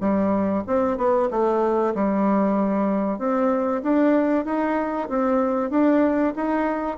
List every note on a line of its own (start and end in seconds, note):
0.00 0.63 G3
0.67 0.97 C4
0.97 1.28 B3
1.30 1.93 A3
1.94 3.18 G3
3.18 3.81 C4
3.83 4.44 D4
4.44 5.08 D#4
5.08 5.70 C4
5.70 6.33 D4
6.35 6.97 D#4